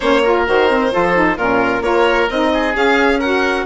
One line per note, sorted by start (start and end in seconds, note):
0.00 0.47 A#3
0.00 0.24 C#4
0.00 0.21 C5
0.00 0.44 C#5
0.23 0.46 F4
0.23 0.92 A#4
0.46 0.92 D#3
0.46 0.69 F#4
0.46 1.37 C5
0.69 0.92 C4
0.92 1.37 F3
0.92 1.14 F4
0.92 1.37 A4
1.14 1.37 D#4
1.37 1.81 A#2
1.37 1.82 C#4
1.37 1.82 F4
1.37 1.82 A#4
1.81 2.27 A#3
1.81 2.27 F4
1.81 2.51 A#4
1.81 2.28 C#5
2.29 2.74 C4
2.29 2.74 D#4
2.29 2.75 D#5
2.53 3.19 G#4
2.74 3.66 C#4
2.74 3.20 G#4
2.74 3.20 F5
3.19 3.66 F#4
3.19 3.65 A#4
3.19 3.65 F#5